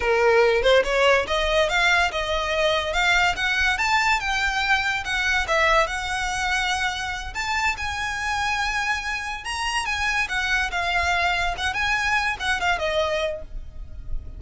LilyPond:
\new Staff \with { instrumentName = "violin" } { \time 4/4 \tempo 4 = 143 ais'4. c''8 cis''4 dis''4 | f''4 dis''2 f''4 | fis''4 a''4 g''2 | fis''4 e''4 fis''2~ |
fis''4. a''4 gis''4.~ | gis''2~ gis''8 ais''4 gis''8~ | gis''8 fis''4 f''2 fis''8 | gis''4. fis''8 f''8 dis''4. | }